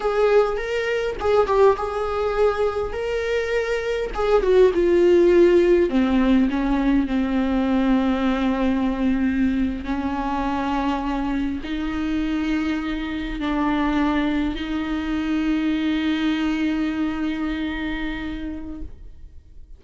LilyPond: \new Staff \with { instrumentName = "viola" } { \time 4/4 \tempo 4 = 102 gis'4 ais'4 gis'8 g'8 gis'4~ | gis'4 ais'2 gis'8 fis'8 | f'2 c'4 cis'4 | c'1~ |
c'8. cis'2. dis'16~ | dis'2~ dis'8. d'4~ d'16~ | d'8. dis'2.~ dis'16~ | dis'1 | }